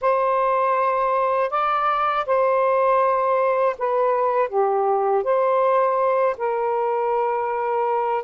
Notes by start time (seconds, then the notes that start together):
0.01 C5
1.50 D5
2.25 C5
3.78 B4
4.48 G4
5.23 C5
6.38 A#4